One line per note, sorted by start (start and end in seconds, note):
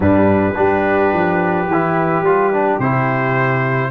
0.00 0.53 G2
0.00 0.54 G3
0.00 0.54 D4
0.00 2.80 B4
0.54 1.13 G3
0.54 1.66 D4
0.54 3.90 G4
1.13 1.67 F3
1.67 2.21 E3
1.67 2.25 E4
2.21 2.77 G3
2.21 2.53 F4
2.53 2.81 D4
2.79 3.90 C3
2.79 3.90 E4
2.79 3.90 C5